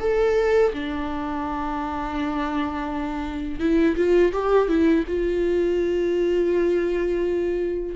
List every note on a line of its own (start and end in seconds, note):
0.00 0.72 A4
0.73 3.59 D4
3.59 3.96 E4
3.96 4.32 F4
4.33 4.69 G4
4.69 5.05 E4
5.08 7.96 F4